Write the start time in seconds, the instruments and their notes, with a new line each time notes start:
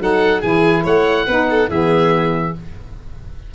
0.00 tuba F#3, saxophone D#4, violin A4, oboe F#5
0.42 tuba E3, saxophone E4, violin G#4, oboe G#5
0.84 tuba A3, violin C#5, oboe F#5
1.26 tuba B3, saxophone D#4, violin B4
1.50 violin A4
1.69 tuba E3, saxophone B3, violin G#4, oboe E5